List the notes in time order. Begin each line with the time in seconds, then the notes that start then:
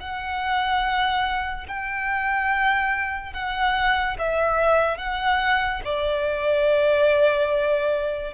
0.00 F#5
1.68 G5
3.33 F#5
4.19 E5
4.98 F#5
5.85 D5